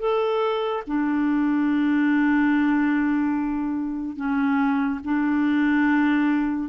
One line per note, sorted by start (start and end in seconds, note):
0.00 0.83 A4
0.87 4.17 D4
4.17 5.00 C#4
5.05 6.69 D4